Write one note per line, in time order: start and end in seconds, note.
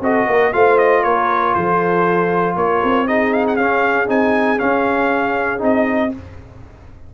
0.00 0.25 C4
0.00 0.53 F#4
0.00 0.27 A4
0.00 0.52 D#5
0.27 0.52 A#3
0.27 0.53 A#4
0.52 1.04 A3
0.52 3.07 F4
0.52 1.03 C5
0.52 0.78 F5
0.78 1.03 D#5
1.03 1.55 A#3
1.03 1.53 A#4
1.03 1.54 C#5
1.54 2.56 F3
1.54 2.57 A4
1.54 2.56 C5
2.56 2.81 A#3
2.56 3.08 A#4
2.56 3.07 C#5
2.83 3.57 C4
3.07 3.58 D#4
3.07 6.13 G#4
3.07 3.32 D#5
3.32 3.45 F5
3.47 3.56 F#5
3.56 4.08 C#4
3.56 4.06 C#4
3.56 4.07 F5
4.06 4.59 C4
4.06 4.57 D#4
4.06 4.59 G#5
4.57 5.58 C#4
4.57 5.61 C#4
4.57 5.60 F5
5.58 6.12 C4
5.58 6.09 D#4
5.58 6.14 D#5